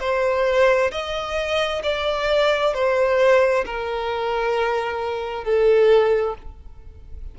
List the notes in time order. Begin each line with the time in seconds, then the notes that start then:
0.00 C5
0.91 D#5
1.83 D5
2.74 C5
3.65 A#4
5.44 A4